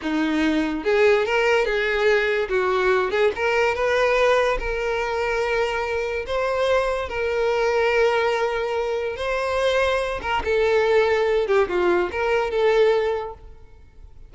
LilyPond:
\new Staff \with { instrumentName = "violin" } { \time 4/4 \tempo 4 = 144 dis'2 gis'4 ais'4 | gis'2 fis'4. gis'8 | ais'4 b'2 ais'4~ | ais'2. c''4~ |
c''4 ais'2.~ | ais'2 c''2~ | c''8 ais'8 a'2~ a'8 g'8 | f'4 ais'4 a'2 | }